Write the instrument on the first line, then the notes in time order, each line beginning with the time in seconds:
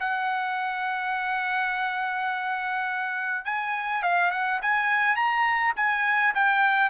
trumpet
0.00 F#5
3.45 G#5
4.03 F5
4.32 F#5
4.62 G#5
5.16 A#5
5.77 G#5
6.35 G5